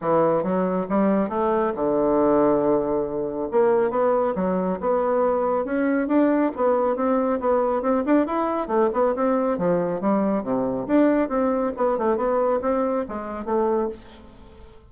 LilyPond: \new Staff \with { instrumentName = "bassoon" } { \time 4/4 \tempo 4 = 138 e4 fis4 g4 a4 | d1 | ais4 b4 fis4 b4~ | b4 cis'4 d'4 b4 |
c'4 b4 c'8 d'8 e'4 | a8 b8 c'4 f4 g4 | c4 d'4 c'4 b8 a8 | b4 c'4 gis4 a4 | }